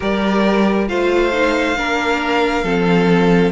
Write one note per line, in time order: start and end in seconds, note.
0.00 0.89 G3
0.00 0.87 G4
0.00 0.88 A#4
0.00 0.87 D5
0.87 1.77 A3
0.87 1.32 F4
0.87 1.77 C5
0.87 3.51 F5
1.32 1.76 D#4
1.77 2.63 A#3
1.77 2.63 D4
1.77 2.64 A#4
2.63 3.51 F3
2.63 3.51 C4
2.63 3.51 A4